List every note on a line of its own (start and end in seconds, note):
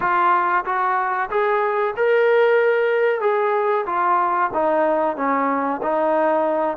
0.00 0.65 F4
0.65 1.29 F#4
1.29 1.94 G#4
1.96 3.21 A#4
3.21 3.85 G#4
3.86 4.50 F4
4.53 5.16 D#4
5.16 5.80 C#4
5.82 6.77 D#4